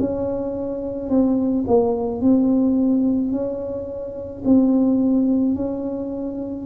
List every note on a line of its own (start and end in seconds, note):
0.00 1.10 C#4
1.10 1.65 C4
1.68 2.22 A#3
2.22 3.32 C4
3.32 4.43 C#4
4.45 5.56 C4
5.56 6.66 C#4